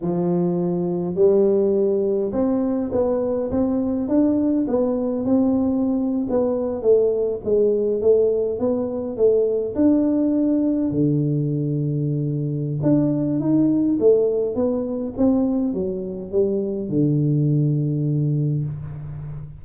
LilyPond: \new Staff \with { instrumentName = "tuba" } { \time 4/4 \tempo 4 = 103 f2 g2 | c'4 b4 c'4 d'4 | b4 c'4.~ c'16 b4 a16~ | a8. gis4 a4 b4 a16~ |
a8. d'2 d4~ d16~ | d2 d'4 dis'4 | a4 b4 c'4 fis4 | g4 d2. | }